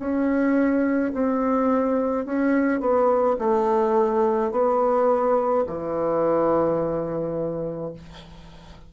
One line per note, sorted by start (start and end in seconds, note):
0.00 1.13 C#4
1.14 2.26 C4
2.26 2.80 C#4
2.80 3.37 B3
3.39 4.52 A3
4.52 5.65 B3
5.67 7.93 E3